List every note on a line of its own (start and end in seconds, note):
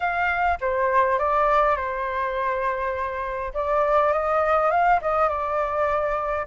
0.00 0.58 F5
0.60 1.18 C5
1.18 1.76 D5
1.76 3.52 C5
3.53 4.12 D5
4.12 4.70 D#5
4.70 5.00 F5
5.01 5.28 D#5
5.28 6.46 D5